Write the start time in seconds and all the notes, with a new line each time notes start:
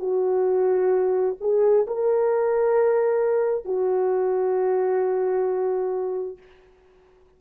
0.00 F#4
1.41 G#4
1.88 A#4
3.65 F#4